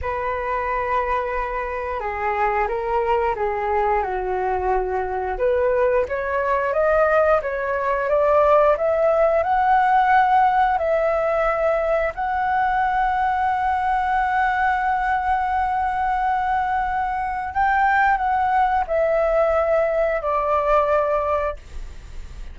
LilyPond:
\new Staff \with { instrumentName = "flute" } { \time 4/4 \tempo 4 = 89 b'2. gis'4 | ais'4 gis'4 fis'2 | b'4 cis''4 dis''4 cis''4 | d''4 e''4 fis''2 |
e''2 fis''2~ | fis''1~ | fis''2 g''4 fis''4 | e''2 d''2 | }